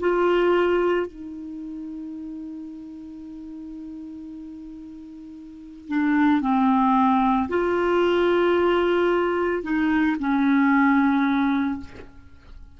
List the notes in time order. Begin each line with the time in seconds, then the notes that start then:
0.00 F4
1.06 D#4
5.88 D4
6.41 C4
7.49 F4
9.62 D#4
10.19 C#4